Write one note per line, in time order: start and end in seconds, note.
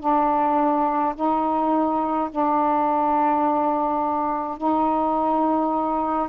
0.00 1.14 D4
1.15 2.30 D#4
2.31 4.57 D4
4.57 6.29 D#4